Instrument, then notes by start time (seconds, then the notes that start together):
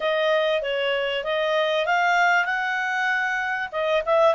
clarinet
0.00 D#5
0.62 C#5
1.24 D#5
1.86 F5
2.45 F#5
3.72 D#5
4.05 E5